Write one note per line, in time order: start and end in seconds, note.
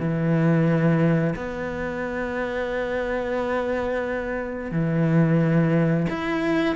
0.00 1.35 E3
1.36 4.72 B3
4.72 6.07 E3
6.10 6.76 E4